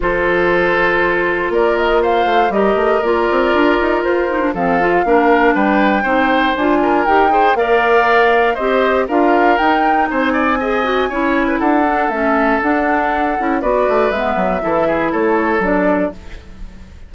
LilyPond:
<<
  \new Staff \with { instrumentName = "flute" } { \time 4/4 \tempo 4 = 119 c''2. d''8 dis''8 | f''4 dis''4 d''2 | c''4 f''2 g''4~ | g''4 gis''4 g''4 f''4~ |
f''4 dis''4 f''4 g''4 | gis''2. fis''4 | e''4 fis''2 d''4 | e''2 cis''4 d''4 | }
  \new Staff \with { instrumentName = "oboe" } { \time 4/4 a'2. ais'4 | c''4 ais'2.~ | ais'4 a'4 ais'4 b'4 | c''4. ais'4 c''8 d''4~ |
d''4 c''4 ais'2 | c''8 d''8 dis''4 cis''8. b'16 a'4~ | a'2. b'4~ | b'4 a'8 gis'8 a'2 | }
  \new Staff \with { instrumentName = "clarinet" } { \time 4/4 f'1~ | f'4 g'4 f'2~ | f'8 dis'16 d'16 c'8 f'8 d'2 | dis'4 f'4 g'8 gis'8 ais'4~ |
ais'4 g'4 f'4 dis'4~ | dis'4 gis'8 fis'8 e'4. d'8 | cis'4 d'4. e'8 fis'4 | b4 e'2 d'4 | }
  \new Staff \with { instrumentName = "bassoon" } { \time 4/4 f2. ais4~ | ais8 a8 g8 a8 ais8 c'8 d'8 dis'8 | f'4 f4 ais4 g4 | c'4 d'4 dis'4 ais4~ |
ais4 c'4 d'4 dis'4 | c'2 cis'4 d'4 | a4 d'4. cis'8 b8 a8 | gis8 fis8 e4 a4 fis4 | }
>>